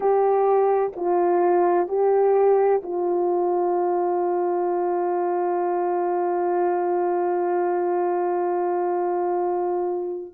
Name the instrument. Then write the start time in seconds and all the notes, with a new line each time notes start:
horn
0.00 G4
0.95 F4
1.87 G4
2.83 F4